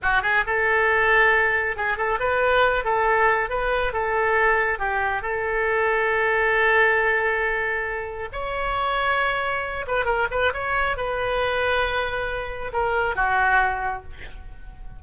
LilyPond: \new Staff \with { instrumentName = "oboe" } { \time 4/4 \tempo 4 = 137 fis'8 gis'8 a'2. | gis'8 a'8 b'4. a'4. | b'4 a'2 g'4 | a'1~ |
a'2. cis''4~ | cis''2~ cis''8 b'8 ais'8 b'8 | cis''4 b'2.~ | b'4 ais'4 fis'2 | }